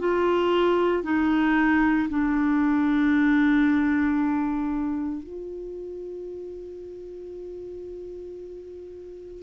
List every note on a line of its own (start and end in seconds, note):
0.00 1.04 F4
1.04 2.09 D#4
2.10 5.24 D4
5.24 9.43 F4